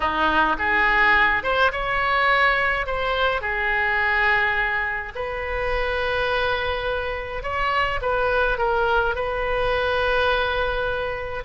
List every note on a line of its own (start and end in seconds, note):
0.00 0.56 D#4
0.58 1.43 G#4
1.43 1.71 C5
1.71 2.86 C#5
2.86 3.41 C5
3.41 5.12 G#4
5.15 7.43 B4
7.43 8.00 C#5
8.01 8.57 B4
8.57 9.15 A#4
9.15 11.43 B4